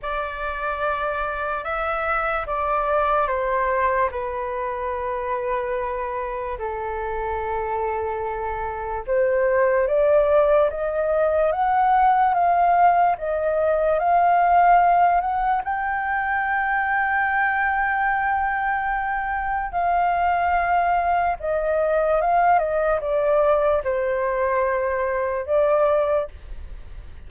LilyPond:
\new Staff \with { instrumentName = "flute" } { \time 4/4 \tempo 4 = 73 d''2 e''4 d''4 | c''4 b'2. | a'2. c''4 | d''4 dis''4 fis''4 f''4 |
dis''4 f''4. fis''8 g''4~ | g''1 | f''2 dis''4 f''8 dis''8 | d''4 c''2 d''4 | }